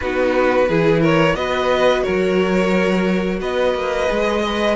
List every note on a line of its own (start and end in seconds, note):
0.00 0.69 B3
0.00 0.69 D#4
0.00 0.68 F#4
0.00 1.02 B4
0.68 1.34 E3
0.68 1.36 E4
0.68 1.00 G#4
1.00 1.34 A#4
1.00 1.35 C#5
1.34 2.02 B3
1.34 4.06 F#4
1.34 2.03 B4
1.34 2.02 D#5
2.02 3.40 F#3
2.02 3.39 A#4
2.02 3.39 C#5
3.40 3.74 B3
3.40 4.41 B4
3.40 4.76 D#5
3.74 4.08 A#3
4.06 4.76 G#3
4.06 4.40 G#4
4.41 4.76 B4
4.41 4.75 D#5